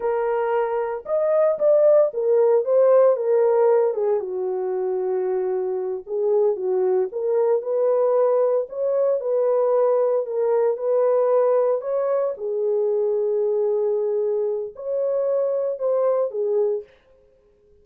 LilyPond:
\new Staff \with { instrumentName = "horn" } { \time 4/4 \tempo 4 = 114 ais'2 dis''4 d''4 | ais'4 c''4 ais'4. gis'8 | fis'2.~ fis'8 gis'8~ | gis'8 fis'4 ais'4 b'4.~ |
b'8 cis''4 b'2 ais'8~ | ais'8 b'2 cis''4 gis'8~ | gis'1 | cis''2 c''4 gis'4 | }